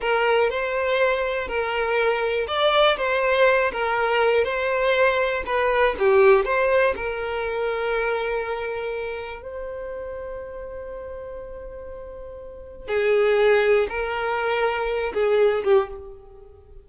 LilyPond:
\new Staff \with { instrumentName = "violin" } { \time 4/4 \tempo 4 = 121 ais'4 c''2 ais'4~ | ais'4 d''4 c''4. ais'8~ | ais'4 c''2 b'4 | g'4 c''4 ais'2~ |
ais'2. c''4~ | c''1~ | c''2 gis'2 | ais'2~ ais'8 gis'4 g'8 | }